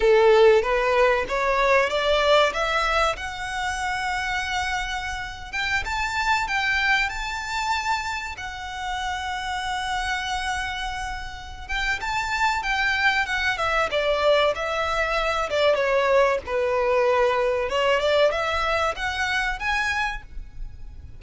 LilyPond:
\new Staff \with { instrumentName = "violin" } { \time 4/4 \tempo 4 = 95 a'4 b'4 cis''4 d''4 | e''4 fis''2.~ | fis''8. g''8 a''4 g''4 a''8.~ | a''4~ a''16 fis''2~ fis''8.~ |
fis''2~ fis''8 g''8 a''4 | g''4 fis''8 e''8 d''4 e''4~ | e''8 d''8 cis''4 b'2 | cis''8 d''8 e''4 fis''4 gis''4 | }